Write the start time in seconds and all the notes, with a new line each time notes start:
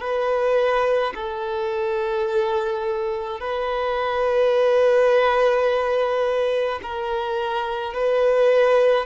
0.00 B4
1.14 A4
3.40 B4
6.82 A#4
7.93 B4